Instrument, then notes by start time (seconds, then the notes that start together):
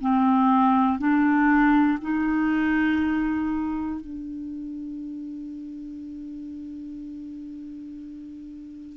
clarinet
0.00 C4
0.98 D4
2.01 D#4
4.01 D4